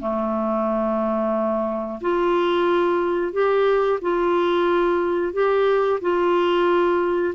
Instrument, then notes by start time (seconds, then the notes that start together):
clarinet
0.00 A3
2.01 F4
3.33 G4
4.02 F4
5.33 G4
6.01 F4